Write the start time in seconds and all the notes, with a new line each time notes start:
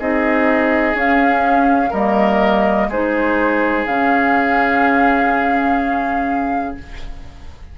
0.00 C4 D#4 G#4 D#5
0.95 C#4 F5
1.91 G3 A#3 A#4 D#5
2.89 G#3 D#4 G#4 C5
3.86 C#3 C#4 F5